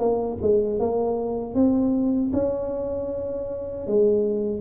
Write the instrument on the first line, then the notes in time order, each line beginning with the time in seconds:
tuba
0.00 A#3
0.42 G#3
0.80 A#3
1.55 C4
2.34 C#4
3.87 G#3